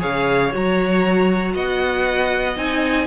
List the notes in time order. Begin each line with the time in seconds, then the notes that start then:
0.00 C#3 G#4 C#5 F5
0.53 F#3 F#4 A#5
1.54 B3 D#5 F#5
2.56 C4 D#4 G#5